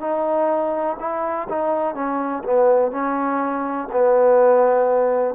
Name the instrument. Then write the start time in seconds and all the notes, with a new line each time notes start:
trombone
0.00 D#4
1.00 E4
1.49 D#4
1.95 C#4
2.44 B3
2.92 C#4
3.92 B3